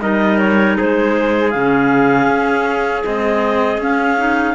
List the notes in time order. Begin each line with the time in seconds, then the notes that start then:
0.00 G3 D#4 A#4 D#5
0.38 C#5
0.77 G#3 G#4 C5
1.50 C#3 C#4 F5
2.27 C#4
3.02 G#3 C4 D#5
3.78 C#4 F5
4.18 D#4